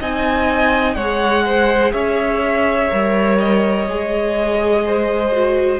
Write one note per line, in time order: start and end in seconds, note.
0.00 0.96 C4
0.00 0.97 D#4
0.00 0.96 D#5
0.00 0.95 G#5
0.95 1.93 G#3
0.95 2.90 G#4
0.95 1.44 C#5
0.95 1.91 F#5
1.45 1.93 C5
1.93 2.90 C#4
1.93 4.83 C#5
1.93 3.38 E5
2.90 3.87 G3
2.90 3.86 A#4
3.38 5.79 D#5
3.87 5.79 G#3
3.87 5.32 G#4
4.85 5.79 C5
5.32 5.79 F#4